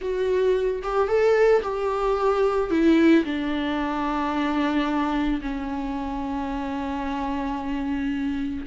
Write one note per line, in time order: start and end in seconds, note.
0.01 0.82 F#4
0.82 1.07 G4
1.07 1.61 A4
1.62 2.70 G4
2.70 3.24 E4
3.24 5.41 D4
5.41 8.66 C#4